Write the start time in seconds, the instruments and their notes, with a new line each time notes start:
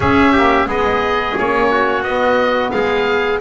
0.00 double bass C#4, saxophone C#4, trumpet G#4, oboe E5
0.32 saxophone A#3, trumpet G4
0.65 double bass G#3, saxophone B3, trumpet G#4, oboe D#5
1.36 double bass A#3, saxophone C#4, oboe C#5
1.70 trumpet F#4
2.02 double bass B3, saxophone B3, oboe D#5
2.70 double bass G#3, trumpet G#4, oboe F5